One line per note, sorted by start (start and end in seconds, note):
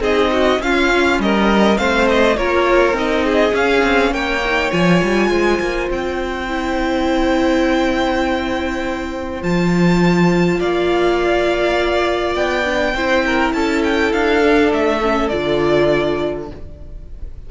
0.00 0.59 C4
0.00 0.60 D#4
0.00 0.31 G#4
0.00 0.62 D#5
0.32 0.62 F#4
0.60 1.78 C#4
0.60 1.19 C#4
0.60 1.23 F4
0.60 1.21 F5
1.19 1.78 G3
1.19 1.79 A#4
1.19 1.78 D#5
1.78 2.38 A3
1.78 2.37 C4
1.78 2.37 C5
1.78 2.08 F5
2.10 2.37 D#5
2.37 2.94 A#3
2.37 2.95 F4
2.37 3.26 A#4
2.37 2.96 C#5
2.94 3.53 C4
2.94 3.51 D#4
2.94 3.56 D#5
3.26 4.14 G#4
3.51 4.39 C#4
3.51 3.83 C#4
3.51 4.14 F5
3.84 4.12 C4
4.12 4.71 A#3
4.12 5.30 C#5
4.12 4.72 G5
4.45 4.72 D#4
4.72 5.03 F3
4.72 6.48 F4
4.72 5.89 G#5
5.03 5.31 G3
5.30 5.60 G#3
5.30 10.59 C5
5.61 5.90 A#3
5.91 9.43 C4
5.91 9.43 G5
6.48 9.42 E4
9.42 10.61 F3
9.42 12.65 F4
9.42 10.61 A5
10.60 12.36 A#3
10.60 12.95 D5
10.60 12.36 F5
12.36 12.94 B3
12.36 13.53 G5
12.65 12.95 D4
12.94 13.53 C4
12.94 14.43 E4
12.94 13.25 C5
13.26 13.56 A#4
13.53 14.12 C#4
13.53 16.50 A4
13.53 13.83 A5
13.84 14.13 G5
14.13 14.72 D4
14.13 14.72 F5
14.43 15.02 D4
14.73 15.32 A3
14.73 15.29 E5
15.03 15.31 C#4
15.29 16.51 D3
15.29 16.49 F4
15.29 16.47 D5